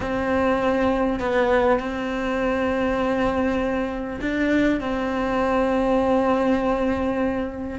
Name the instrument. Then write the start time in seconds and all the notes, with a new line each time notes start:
cello
0.00 C4
1.19 B3
1.79 C4
4.20 D4
4.80 C4